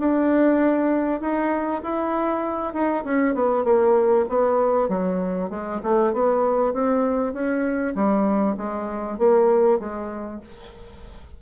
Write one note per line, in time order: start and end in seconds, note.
0.00 1.21 D4
1.21 1.82 D#4
1.83 2.74 E4
2.74 3.04 D#4
3.05 3.35 C#4
3.35 3.65 B3
3.65 4.26 A#3
4.29 4.89 B3
4.89 5.50 F#3
5.50 5.81 G#3
5.83 6.14 A3
6.14 6.74 B3
6.74 7.34 C4
7.34 7.95 C#4
7.96 8.57 G3
8.57 9.19 G#3
9.19 9.80 A#3
9.80 10.41 G#3